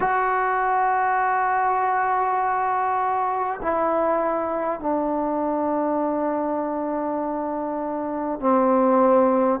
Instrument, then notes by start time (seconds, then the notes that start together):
trombone
0.00 F#4
3.62 E4
4.80 D4
8.39 C4